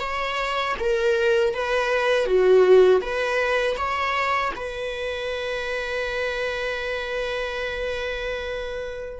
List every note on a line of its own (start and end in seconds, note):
0.00 0.75 C#5
0.79 1.54 A#4
1.54 2.26 B4
2.26 3.01 F#4
3.01 3.76 B4
3.77 4.52 C#5
4.56 9.20 B4